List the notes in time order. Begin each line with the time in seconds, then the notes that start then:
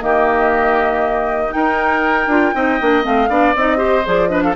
0.00 D#3 A#3 G4 D#5
1.50 D#4 A#4 G5
2.27 D4 F4
2.55 C4 D#4 D#5
2.80 A#3 D4
3.03 A3 C4 F5
3.29 B3 D4 D5
3.55 C4 D#4 D#5
3.77 G4 C5
4.06 F3 G#4 D5
4.28 D4 B4 D#5
4.42 A4 F5